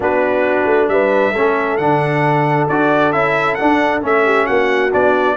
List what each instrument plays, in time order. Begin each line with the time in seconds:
0.00 tuba B3, trombone D4, horn F#4, trumpet B4
0.65 tuba A3
0.88 tuba G3, horn B4, trumpet E5
1.32 tuba A3, trombone C#4, horn A4
1.77 tuba D3, trombone D4, trumpet F#5
2.68 tuba D4, trombone F#4, trumpet D5
3.12 tuba C#4, trombone E4, trumpet E5
3.54 trombone D4, tuba D4, trumpet F#5
4.01 tuba A3, trombone C#4, trumpet E5
4.25 horn G4
4.46 tuba A#3, horn F#4, trumpet F#5
4.92 tuba B3, trombone D4, trumpet D5